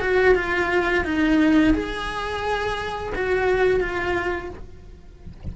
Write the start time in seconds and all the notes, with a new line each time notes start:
0.00 F#4
0.35 F4
1.04 D#4
1.74 G#4
3.15 F#4
3.80 F4